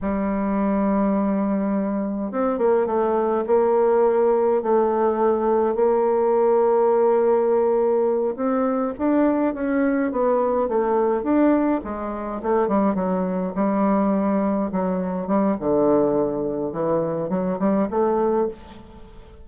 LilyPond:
\new Staff \with { instrumentName = "bassoon" } { \time 4/4 \tempo 4 = 104 g1 | c'8 ais8 a4 ais2 | a2 ais2~ | ais2~ ais8 c'4 d'8~ |
d'8 cis'4 b4 a4 d'8~ | d'8 gis4 a8 g8 fis4 g8~ | g4. fis4 g8 d4~ | d4 e4 fis8 g8 a4 | }